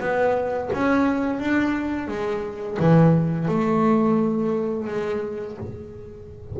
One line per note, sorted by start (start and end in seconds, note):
0.00 0.70 B3
0.73 1.39 C#4
1.39 2.07 D4
2.07 2.77 G#3
2.79 3.48 E3
3.48 4.87 A3
4.87 5.57 G#3